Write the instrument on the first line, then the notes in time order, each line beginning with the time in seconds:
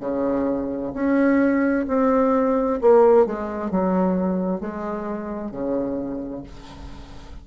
bassoon
0.00 C#3
0.94 C#4
1.88 C4
2.81 A#3
3.26 G#3
3.70 F#3
4.60 G#3
5.51 C#3